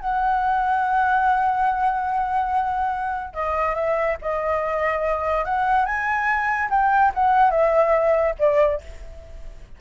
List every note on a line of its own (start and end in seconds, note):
0.00 3.34 F#5
3.34 3.75 D#5
3.75 4.17 E5
4.21 5.45 D#5
5.45 5.85 F#5
5.85 6.69 G#5
6.70 7.12 G5
7.14 7.51 F#5
7.51 8.35 E5
8.39 8.81 D5